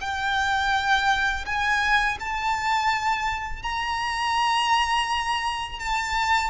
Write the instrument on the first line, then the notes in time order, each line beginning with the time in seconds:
violin
0.00 G5
1.45 G#5
2.19 A5
3.62 A#5
5.79 A5